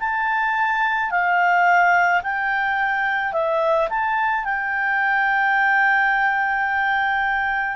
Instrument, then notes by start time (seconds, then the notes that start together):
clarinet
0.00 A5
1.11 F5
2.23 G5
3.33 E5
3.90 A5
4.45 G5